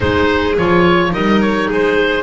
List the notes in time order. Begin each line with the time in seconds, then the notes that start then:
0.00 G#3 D#4 G#4 C5
0.57 F3 F4 C#5
1.10 G3 D#4 A#4 D#5
1.41 C#5
1.67 G#3 G#4 C5